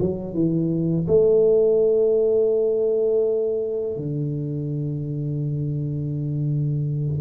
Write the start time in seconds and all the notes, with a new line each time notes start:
0.00 F#3
0.34 E3
1.07 A3
3.97 D3